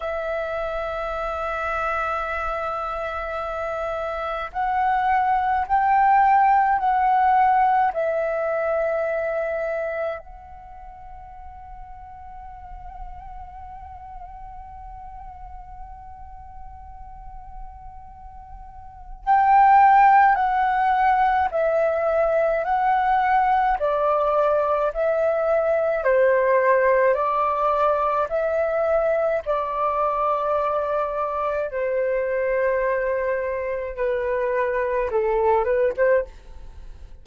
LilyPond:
\new Staff \with { instrumentName = "flute" } { \time 4/4 \tempo 4 = 53 e''1 | fis''4 g''4 fis''4 e''4~ | e''4 fis''2.~ | fis''1~ |
fis''4 g''4 fis''4 e''4 | fis''4 d''4 e''4 c''4 | d''4 e''4 d''2 | c''2 b'4 a'8 b'16 c''16 | }